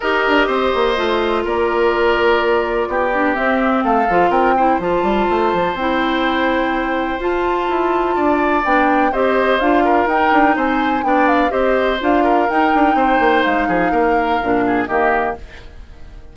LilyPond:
<<
  \new Staff \with { instrumentName = "flute" } { \time 4/4 \tempo 4 = 125 dis''2. d''4~ | d''2. e''4 | f''4 g''4 a''2 | g''2. a''4~ |
a''2 g''4 dis''4 | f''4 g''4 gis''4 g''8 f''8 | dis''4 f''4 g''2 | f''2. dis''4 | }
  \new Staff \with { instrumentName = "oboe" } { \time 4/4 ais'4 c''2 ais'4~ | ais'2 g'2 | a'4 ais'8 c''2~ c''8~ | c''1~ |
c''4 d''2 c''4~ | c''8 ais'4. c''4 d''4 | c''4. ais'4. c''4~ | c''8 gis'8 ais'4. gis'8 g'4 | }
  \new Staff \with { instrumentName = "clarinet" } { \time 4/4 g'2 f'2~ | f'2~ f'8 d'8 c'4~ | c'8 f'4 e'8 f'2 | e'2. f'4~ |
f'2 d'4 g'4 | f'4 dis'2 d'4 | g'4 f'4 dis'2~ | dis'2 d'4 ais4 | }
  \new Staff \with { instrumentName = "bassoon" } { \time 4/4 dis'8 d'8 c'8 ais8 a4 ais4~ | ais2 b4 c'4 | a8 f8 c'4 f8 g8 a8 f8 | c'2. f'4 |
e'4 d'4 b4 c'4 | d'4 dis'8 d'8 c'4 b4 | c'4 d'4 dis'8 d'8 c'8 ais8 | gis8 f8 ais4 ais,4 dis4 | }
>>